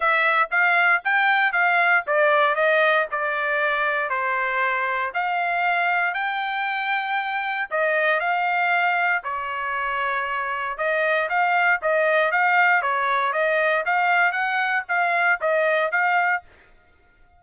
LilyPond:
\new Staff \with { instrumentName = "trumpet" } { \time 4/4 \tempo 4 = 117 e''4 f''4 g''4 f''4 | d''4 dis''4 d''2 | c''2 f''2 | g''2. dis''4 |
f''2 cis''2~ | cis''4 dis''4 f''4 dis''4 | f''4 cis''4 dis''4 f''4 | fis''4 f''4 dis''4 f''4 | }